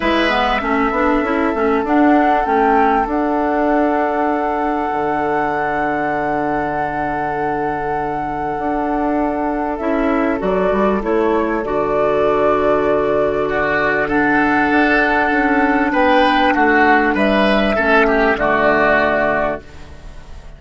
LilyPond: <<
  \new Staff \with { instrumentName = "flute" } { \time 4/4 \tempo 4 = 98 e''2. fis''4 | g''4 fis''2.~ | fis''1~ | fis''1 |
e''4 d''4 cis''4 d''4~ | d''2. fis''4~ | fis''2 g''4 fis''4 | e''2 d''2 | }
  \new Staff \with { instrumentName = "oboe" } { \time 4/4 b'4 a'2.~ | a'1~ | a'1~ | a'1~ |
a'1~ | a'2 fis'4 a'4~ | a'2 b'4 fis'4 | b'4 a'8 g'8 fis'2 | }
  \new Staff \with { instrumentName = "clarinet" } { \time 4/4 e'8 b8 cis'8 d'8 e'8 cis'8 d'4 | cis'4 d'2.~ | d'1~ | d'1 |
e'4 fis'4 e'4 fis'4~ | fis'2. d'4~ | d'1~ | d'4 cis'4 a2 | }
  \new Staff \with { instrumentName = "bassoon" } { \time 4/4 gis4 a8 b8 cis'8 a8 d'4 | a4 d'2. | d1~ | d2 d'2 |
cis'4 fis8 g8 a4 d4~ | d1 | d'4 cis'4 b4 a4 | g4 a4 d2 | }
>>